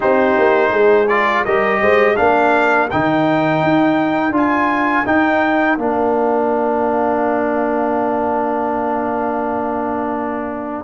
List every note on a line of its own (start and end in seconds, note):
0.00 0.37 C4
0.00 1.07 D#4
0.00 0.70 G4
0.00 1.08 C5
0.37 0.72 A#3
0.70 1.44 G#3
0.70 1.42 G#4
1.08 1.45 F4
1.08 1.44 D5
1.44 1.81 G3
1.44 2.16 G4
1.44 1.80 A#4
1.44 2.16 D#5
1.81 2.17 G#3
1.81 2.17 C5
2.16 2.91 A#3
2.16 2.88 D4
2.16 10.83 A#4
2.16 2.88 F5
2.90 3.62 D#3
2.90 4.32 D#4
2.90 4.34 G5
3.62 4.31 D#4
4.31 5.03 D4
4.31 5.04 F4
4.31 5.06 G#5
5.05 5.77 D#4
5.05 5.78 D#4
5.05 5.78 G5
5.77 10.83 A#3
5.77 10.83 D4
5.77 10.83 F5